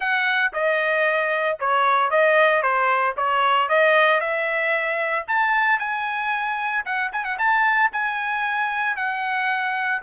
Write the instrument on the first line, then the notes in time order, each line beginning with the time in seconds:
trumpet
0.00 F#5
0.53 D#5
1.59 C#5
2.10 D#5
2.62 C5
3.17 C#5
3.68 D#5
4.20 E5
5.27 A5
5.79 G#5
6.85 F#5
7.12 G#5
7.24 F#5
7.38 A5
7.92 G#5
8.96 F#5